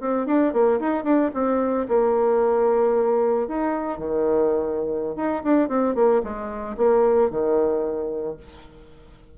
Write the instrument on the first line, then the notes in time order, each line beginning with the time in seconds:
bassoon
0.00 C4
0.26 D4
0.53 A#3
0.80 D#4
1.04 D4
1.34 C4
1.88 A#3
3.48 D#4
3.98 D#3
5.16 D#4
5.43 D4
5.68 C4
5.95 A#3
6.23 G#3
6.77 A#3
7.30 D#3